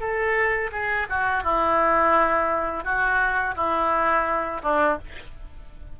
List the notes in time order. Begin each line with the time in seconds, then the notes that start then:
0.00 A4
0.72 G#4
1.09 F#4
1.43 E4
2.84 F#4
3.56 E4
4.63 D4